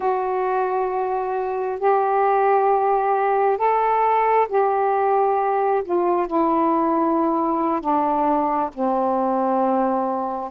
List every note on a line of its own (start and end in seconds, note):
0.00 1.79 F#4
1.79 3.57 G4
3.57 4.47 A4
4.49 5.83 G4
5.84 6.27 F4
6.27 7.80 E4
7.80 8.70 D4
8.74 10.50 C4